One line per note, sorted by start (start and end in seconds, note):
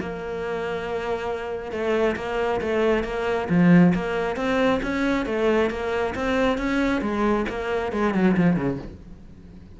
0.00 1.71 A#3
1.71 2.16 A3
2.16 2.60 A#3
2.61 3.04 A3
3.04 3.48 A#3
3.49 3.93 F3
3.94 4.36 A#3
4.36 4.80 C4
4.82 5.26 C#4
5.26 5.70 A3
5.70 6.14 A#3
6.15 6.58 C4
6.58 7.01 C#4
7.01 7.45 G#3
7.49 7.92 A#3
7.92 8.14 G#3
8.14 8.36 F#3
8.37 8.56 F3
8.56 8.78 C#3